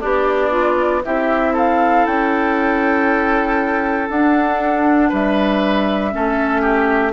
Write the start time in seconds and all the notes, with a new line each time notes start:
0.00 B3 D4 G4 D5
0.50 F4
1.04 C4 E4 G4 E5
1.53 A4 F5
2.05 C#4 G5
4.09 D4 F#5
5.09 G3 B4 E5
6.11 A3 C#4 A4
6.61 G4